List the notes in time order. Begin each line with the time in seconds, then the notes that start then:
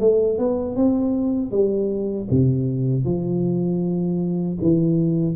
0.00 A3
0.38 B3
0.76 C4
1.51 G3
2.31 C3
3.05 F3
4.62 E3